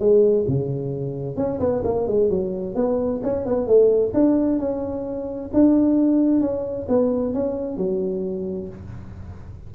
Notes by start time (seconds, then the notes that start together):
0.00 G#3
0.48 C#3
1.37 C#4
1.60 B3
1.85 A#3
2.08 G#3
2.30 F#3
2.76 B3
3.23 C#4
3.46 B3
3.67 A3
4.14 D4
4.59 C#4
5.54 D4
6.41 C#4
6.89 B3
7.34 C#4
7.78 F#3